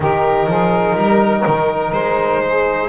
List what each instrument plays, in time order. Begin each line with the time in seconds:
0.00 double bass D#3, trombone D#4, saxophone G4, violin A#4
0.47 double bass F3, saxophone G#4
0.95 double bass G3, saxophone A#4
1.46 double bass D#3
1.92 double bass G#3, violin C5
2.44 saxophone G#4